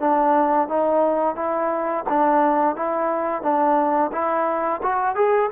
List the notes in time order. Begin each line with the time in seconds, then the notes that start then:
0.00 D4
0.69 D#4
1.36 E4
2.09 D4
2.76 E4
3.42 D4
4.13 E4
4.83 F#4
5.16 G#4